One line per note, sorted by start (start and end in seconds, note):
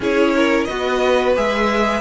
0.00 0.67 C#4
0.00 0.68 E4
0.00 0.34 G#4
0.00 0.64 C#5
0.35 0.67 A#4
0.64 1.37 B3
0.64 1.35 F#4
0.64 2.01 B4
0.64 1.31 D#5
1.35 2.01 G#3
1.35 2.01 G#4
1.35 2.01 E5